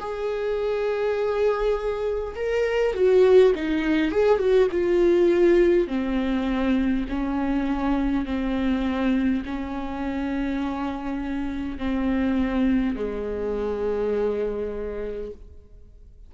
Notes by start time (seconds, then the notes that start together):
0.00 G#4
2.36 A#4
2.95 F#4
3.55 D#4
4.12 G#4
4.39 F#4
4.72 F4
5.88 C4
7.10 C#4
8.26 C4
9.45 C#4
11.79 C4
12.96 G#3